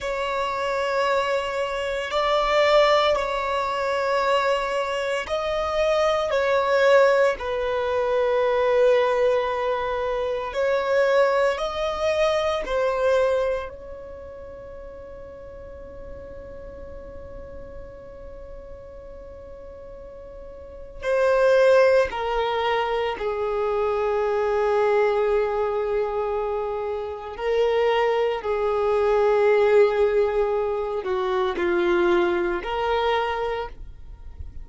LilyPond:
\new Staff \with { instrumentName = "violin" } { \time 4/4 \tempo 4 = 57 cis''2 d''4 cis''4~ | cis''4 dis''4 cis''4 b'4~ | b'2 cis''4 dis''4 | c''4 cis''2.~ |
cis''1 | c''4 ais'4 gis'2~ | gis'2 ais'4 gis'4~ | gis'4. fis'8 f'4 ais'4 | }